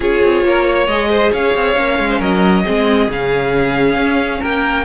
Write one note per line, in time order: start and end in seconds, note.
0.00 0.22 C#4
0.00 0.87 F4
0.00 0.44 G#4
0.00 0.87 C#5
0.23 0.44 C4
0.44 0.87 A#3
0.44 0.64 A#4
0.64 1.08 C#5
0.87 1.31 G#3
0.87 1.76 G#4
0.87 1.31 D#5
1.09 1.31 C5
1.31 1.54 C#4
1.31 2.09 C#5
1.31 2.21 F5
1.54 1.76 C4
1.76 1.98 A#3
1.76 2.64 C#4
1.98 2.20 G#3
2.09 2.19 C5
2.19 2.64 F#3
2.19 2.63 A#4
2.19 3.10 D#5
2.64 3.08 G#3
2.64 3.10 C4
2.64 4.40 G#4
3.08 3.95 C#3
3.08 4.85 C#4
3.08 4.43 F5
3.95 4.39 C#4
4.40 4.85 A#3
4.40 4.84 A#4
4.40 4.85 G5